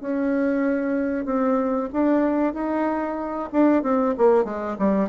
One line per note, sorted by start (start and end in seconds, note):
0.00 1.25 C#4
1.25 1.89 C4
1.92 2.53 D4
2.53 3.49 D#4
3.52 3.83 D4
3.83 4.15 C4
4.17 4.44 A#3
4.44 4.76 G#3
4.79 5.09 G3